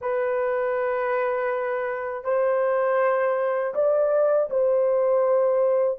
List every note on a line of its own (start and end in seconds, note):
0.01 2.24 B4
2.24 3.74 C5
3.74 4.49 D5
4.50 5.99 C5